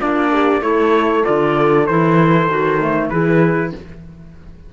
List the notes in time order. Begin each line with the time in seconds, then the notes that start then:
0.00 A#3 D4 F4 D5
0.33 G4
0.62 A3 E4 A4 C#5
1.24 D3 F4 D5
1.87 E3 E4 C5
2.48 D#3 F#4
2.81 A3
3.10 E3 E4 G#4 B4